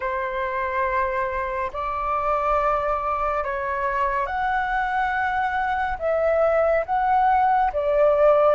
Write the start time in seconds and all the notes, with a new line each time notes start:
0.00 C5
1.72 D5
3.44 C#5
4.26 F#5
5.98 E5
6.85 F#5
7.72 D5